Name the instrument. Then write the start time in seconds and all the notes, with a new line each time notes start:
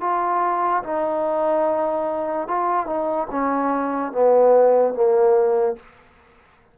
trombone
0.00 F4
0.83 D#4
2.47 F4
2.86 D#4
3.30 C#4
4.11 B3
4.94 A#3